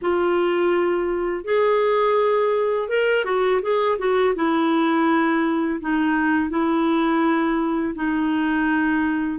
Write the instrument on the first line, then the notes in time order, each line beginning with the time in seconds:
clarinet
0.01 F4
1.44 G#4
2.88 A#4
3.25 F#4
3.61 G#4
3.98 F#4
4.35 E4
5.80 D#4
6.49 E4
7.95 D#4